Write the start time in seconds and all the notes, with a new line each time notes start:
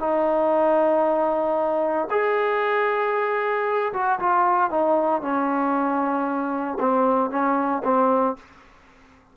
0.00 D#4
2.10 G#4
3.93 F#4
4.20 F4
4.71 D#4
5.22 C#4
6.80 C4
7.30 C#4
7.84 C4